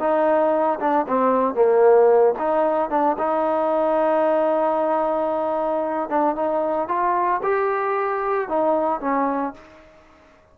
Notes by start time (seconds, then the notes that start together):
0.00 D#4
0.80 D4
1.08 C4
1.55 A#3
2.39 D#4
2.90 D4
3.19 D#4
6.10 D4
6.36 D#4
6.89 F4
7.44 G4
8.49 D#4
9.01 C#4